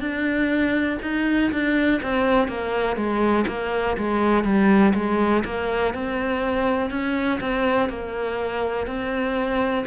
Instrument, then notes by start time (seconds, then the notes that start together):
cello
0.00 D4
1.02 D#4
1.52 D4
2.03 C4
2.48 A#3
2.96 G#3
3.47 A#3
3.97 G#3
4.44 G3
4.94 G#3
5.45 A#3
5.94 C4
6.91 C#4
7.40 C4
7.90 A#3
8.87 C4